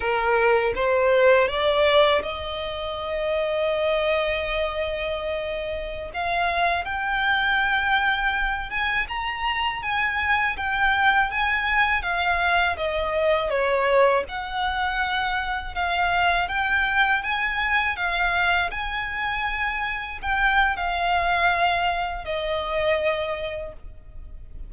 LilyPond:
\new Staff \with { instrumentName = "violin" } { \time 4/4 \tempo 4 = 81 ais'4 c''4 d''4 dis''4~ | dis''1~ | dis''16 f''4 g''2~ g''8 gis''16~ | gis''16 ais''4 gis''4 g''4 gis''8.~ |
gis''16 f''4 dis''4 cis''4 fis''8.~ | fis''4~ fis''16 f''4 g''4 gis''8.~ | gis''16 f''4 gis''2 g''8. | f''2 dis''2 | }